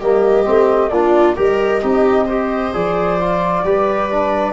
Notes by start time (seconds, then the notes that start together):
0.00 G3 A#3 G4 D#5
0.45 A3 C4
0.90 A#3 D4 F4 D5
1.36 G3 G4 A#4 D#5
1.81 C4 D#4 G4
2.27 G4 C5
2.74 F3 G#4 D5
3.20 F4
3.65 G3 G4 B4
4.11 D4